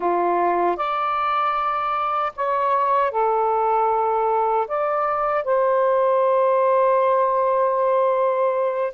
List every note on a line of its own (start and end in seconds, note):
0.00 0.76 F4
0.76 2.32 D5
2.36 3.11 C#5
3.11 4.67 A4
4.67 5.44 D5
5.44 8.93 C5